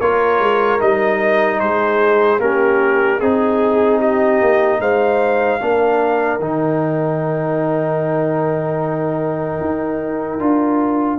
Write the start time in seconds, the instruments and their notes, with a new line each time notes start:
0.00 tuba A#3, trombone F4, horn A#4, trumpet C#5
0.39 tuba G#3
0.79 tuba G3, trombone D#4, trumpet D#5
1.59 tuba G#3, horn G#4, trumpet C5
2.39 tuba A#3, trombone C#4, horn G4, trumpet A#4
3.19 tuba C4, trombone D#4, horn G#4, trumpet G#4
3.98 horn G4, trumpet D#5
4.41 tuba A#3
4.79 tuba G#3, horn C5, trumpet F5
5.60 tuba A#3, trombone D4, horn A#4
6.39 tuba D#3, trombone D#4, trumpet G5
9.60 tuba D#4
10.39 tuba D4, trombone F4